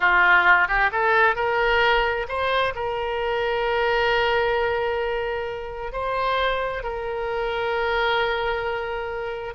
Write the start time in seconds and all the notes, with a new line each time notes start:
0.00 F4
0.67 G4
0.92 A4
1.35 A#4
2.28 C5
2.75 A#4
5.92 C5
6.83 A#4